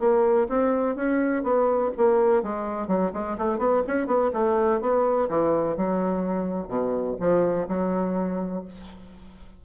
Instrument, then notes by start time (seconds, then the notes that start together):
bassoon
0.00 A#3
0.49 C4
0.96 C#4
1.44 B3
1.97 A#3
2.43 G#3
2.88 F#3
3.14 G#3
3.38 A3
3.59 B3
3.87 C#4
4.07 B3
4.34 A3
4.81 B3
5.29 E3
5.77 F#3
6.68 B2
7.20 F3
7.69 F#3